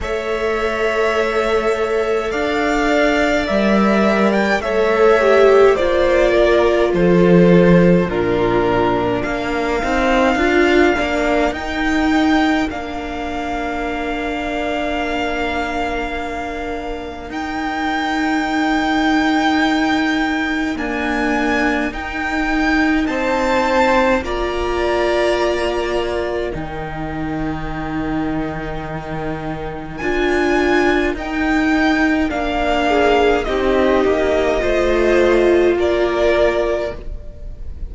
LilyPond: <<
  \new Staff \with { instrumentName = "violin" } { \time 4/4 \tempo 4 = 52 e''2 f''4 e''8. g''16 | e''4 d''4 c''4 ais'4 | f''2 g''4 f''4~ | f''2. g''4~ |
g''2 gis''4 g''4 | a''4 ais''2 g''4~ | g''2 gis''4 g''4 | f''4 dis''2 d''4 | }
  \new Staff \with { instrumentName = "violin" } { \time 4/4 cis''2 d''2 | cis''4 c''8 ais'8 a'4 f'4 | ais'1~ | ais'1~ |
ais'1 | c''4 d''2 ais'4~ | ais'1~ | ais'8 gis'8 g'4 c''4 ais'4 | }
  \new Staff \with { instrumentName = "viola" } { \time 4/4 a'2. ais'4 | a'8 g'8 f'2 d'4~ | d'8 dis'8 f'8 d'8 dis'4 d'4~ | d'2. dis'4~ |
dis'2 ais4 dis'4~ | dis'4 f'2 dis'4~ | dis'2 f'4 dis'4 | d'4 dis'4 f'2 | }
  \new Staff \with { instrumentName = "cello" } { \time 4/4 a2 d'4 g4 | a4 ais4 f4 ais,4 | ais8 c'8 d'8 ais8 dis'4 ais4~ | ais2. dis'4~ |
dis'2 d'4 dis'4 | c'4 ais2 dis4~ | dis2 d'4 dis'4 | ais4 c'8 ais8 a4 ais4 | }
>>